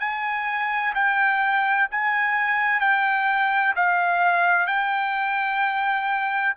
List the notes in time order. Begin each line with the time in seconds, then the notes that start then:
0.00 G#5
0.95 G5
1.91 G#5
2.80 G5
3.76 F5
4.67 G5